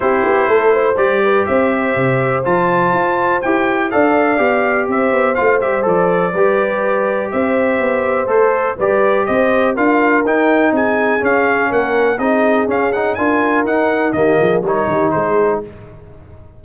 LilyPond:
<<
  \new Staff \with { instrumentName = "trumpet" } { \time 4/4 \tempo 4 = 123 c''2 d''4 e''4~ | e''4 a''2 g''4 | f''2 e''4 f''8 e''8 | d''2. e''4~ |
e''4 c''4 d''4 dis''4 | f''4 g''4 gis''4 f''4 | fis''4 dis''4 f''8 fis''8 gis''4 | fis''4 dis''4 cis''4 c''4 | }
  \new Staff \with { instrumentName = "horn" } { \time 4/4 g'4 a'8 c''4 b'8 c''4~ | c''1 | d''2 c''2~ | c''4 b'2 c''4~ |
c''2 b'4 c''4 | ais'2 gis'2 | ais'4 gis'2 ais'4~ | ais'4 g'8 gis'8 ais'8 g'8 gis'4 | }
  \new Staff \with { instrumentName = "trombone" } { \time 4/4 e'2 g'2~ | g'4 f'2 g'4 | a'4 g'2 f'8 g'8 | a'4 g'2.~ |
g'4 a'4 g'2 | f'4 dis'2 cis'4~ | cis'4 dis'4 cis'8 dis'8 f'4 | dis'4 ais4 dis'2 | }
  \new Staff \with { instrumentName = "tuba" } { \time 4/4 c'8 b8 a4 g4 c'4 | c4 f4 f'4 e'4 | d'4 b4 c'8 b8 a8 g8 | f4 g2 c'4 |
b4 a4 g4 c'4 | d'4 dis'4 c'4 cis'4 | ais4 c'4 cis'4 d'4 | dis'4 dis8 f8 g8 dis8 gis4 | }
>>